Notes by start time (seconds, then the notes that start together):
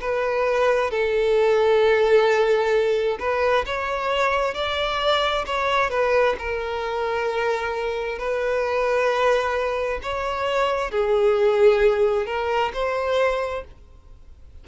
0.00 B4
0.90 A4
3.19 B4
3.65 C#5
4.54 D5
5.46 C#5
5.90 B4
6.38 A#4
8.18 B4
10.02 C#5
10.91 G#4
12.26 A#4
12.73 C5